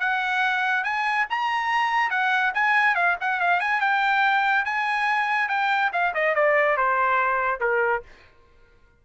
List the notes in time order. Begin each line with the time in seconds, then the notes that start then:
0.00 F#5
0.84 G#5
1.30 A#5
2.10 F#5
2.54 G#5
2.95 F5
3.21 F#5
3.40 F5
3.60 G#5
3.81 G5
4.65 G#5
5.49 G5
5.93 F5
6.15 D#5
6.35 D5
6.77 C5
7.61 A#4